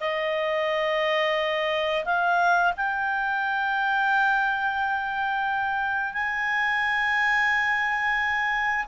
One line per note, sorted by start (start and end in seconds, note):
0.00 2.05 D#5
2.05 2.73 F5
2.77 6.13 G5
6.13 8.86 G#5